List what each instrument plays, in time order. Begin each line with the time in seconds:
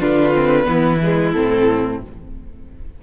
0.00 cello D3, viola D4, violin F4 B4
0.34 viola C4
0.65 cello E3, viola B3, violin E4
1.03 viola G#3
1.32 cello A2, viola C4, violin A4